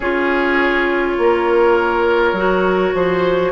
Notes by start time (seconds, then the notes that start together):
0.00 C#4 F4 G#4 C#5
1.18 A#3 A#4
2.32 F#3 F#4
2.94 F3 C5